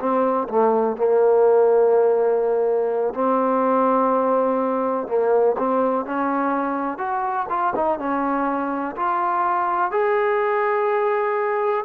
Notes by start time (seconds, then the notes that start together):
0.00 C4
0.49 A3
0.97 A#3
3.14 C4
5.08 A#3
5.58 C4
6.06 C#4
6.98 F#4
7.50 F4
7.76 D#4
7.99 C#4
8.96 F4
9.91 G#4